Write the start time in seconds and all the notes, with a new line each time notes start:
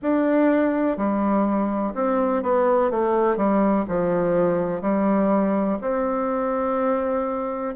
0.01 D4
0.97 G3
1.94 C4
2.42 B3
2.90 A3
3.37 G3
3.88 F3
4.81 G3
5.81 C4